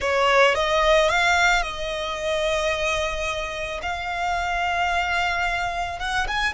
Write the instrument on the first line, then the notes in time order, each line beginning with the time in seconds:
violin
0.00 C#5
0.55 D#5
1.09 F5
1.62 D#5
3.82 F5
5.99 F#5
6.27 G#5